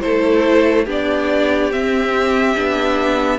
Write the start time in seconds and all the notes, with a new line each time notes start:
0.00 A3 E4 A4 C5
0.85 B3 D4 G4 D5
1.71 C4 E5
2.55 B3 D4